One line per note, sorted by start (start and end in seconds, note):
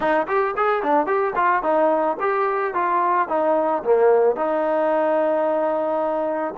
0.00 0.26 D#4
0.27 0.55 G4
0.57 0.82 G#4
0.82 1.06 D4
1.06 1.33 G4
1.35 1.62 F4
1.62 2.17 D#4
2.19 2.74 G4
2.74 3.28 F4
3.28 3.83 D#4
3.83 4.36 A#3
4.36 6.54 D#4